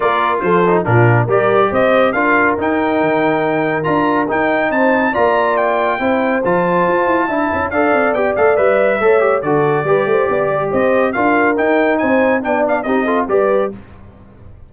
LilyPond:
<<
  \new Staff \with { instrumentName = "trumpet" } { \time 4/4 \tempo 4 = 140 d''4 c''4 ais'4 d''4 | dis''4 f''4 g''2~ | g''4 ais''4 g''4 a''4 | ais''4 g''2 a''4~ |
a''2 f''4 g''8 f''8 | e''2 d''2~ | d''4 dis''4 f''4 g''4 | gis''4 g''8 f''8 dis''4 d''4 | }
  \new Staff \with { instrumentName = "horn" } { \time 4/4 ais'4 a'4 f'4 ais'4 | c''4 ais'2.~ | ais'2. c''4 | d''2 c''2~ |
c''4 e''4 d''2~ | d''4 cis''4 a'4 b'8 c''8 | d''4 c''4 ais'2 | c''4 d''4 g'8 a'8 b'4 | }
  \new Staff \with { instrumentName = "trombone" } { \time 4/4 f'4. dis'8 d'4 g'4~ | g'4 f'4 dis'2~ | dis'4 f'4 dis'2 | f'2 e'4 f'4~ |
f'4 e'4 a'4 g'8 a'8 | b'4 a'8 g'8 fis'4 g'4~ | g'2 f'4 dis'4~ | dis'4 d'4 dis'8 f'8 g'4 | }
  \new Staff \with { instrumentName = "tuba" } { \time 4/4 ais4 f4 ais,4 g4 | c'4 d'4 dis'4 dis4~ | dis4 d'4 dis'4 c'4 | ais2 c'4 f4 |
f'8 e'8 d'8 cis'8 d'8 c'8 b8 a8 | g4 a4 d4 g8 a8 | b8 g8 c'4 d'4 dis'4 | c'4 b4 c'4 g4 | }
>>